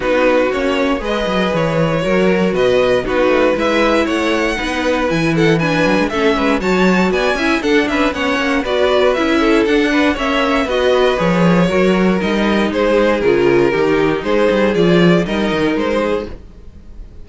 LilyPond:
<<
  \new Staff \with { instrumentName = "violin" } { \time 4/4 \tempo 4 = 118 b'4 cis''4 dis''4 cis''4~ | cis''4 dis''4 b'4 e''4 | fis''2 gis''8 fis''8 gis''4 | e''4 a''4 gis''4 fis''8 e''8 |
fis''4 d''4 e''4 fis''4 | e''4 dis''4 cis''2 | dis''4 c''4 ais'2 | c''4 d''4 dis''4 c''4 | }
  \new Staff \with { instrumentName = "violin" } { \time 4/4 fis'2 b'2 | ais'4 b'4 fis'4 b'4 | cis''4 b'4. a'8 b'4 | a'8 b'8 cis''4 d''8 e''8 a'8 b'8 |
cis''4 b'4. a'4 b'8 | cis''4 b'2 ais'4~ | ais'4 gis'2 g'4 | gis'2 ais'4. gis'8 | }
  \new Staff \with { instrumentName = "viola" } { \time 4/4 dis'4 cis'4 gis'2 | fis'2 dis'4 e'4~ | e'4 dis'4 e'4 d'4 | cis'4 fis'4. e'8 d'4 |
cis'4 fis'4 e'4 d'4 | cis'4 fis'4 gis'4 fis'4 | dis'2 f'4 dis'4~ | dis'4 f'4 dis'2 | }
  \new Staff \with { instrumentName = "cello" } { \time 4/4 b4 ais4 gis8 fis8 e4 | fis4 b,4 b8 a8 gis4 | a4 b4 e4. fis16 gis16 | a8 gis8 fis4 b8 cis'8 d'8 cis'8 |
b8 ais8 b4 cis'4 d'4 | ais4 b4 f4 fis4 | g4 gis4 cis4 dis4 | gis8 g8 f4 g8 dis8 gis4 | }
>>